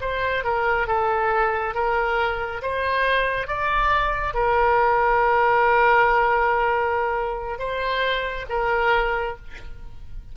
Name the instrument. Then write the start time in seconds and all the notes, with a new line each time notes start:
oboe
0.00 C5
0.44 A#4
0.87 A4
1.74 A#4
2.62 C5
3.47 D5
4.34 A#4
7.58 C5
8.49 A#4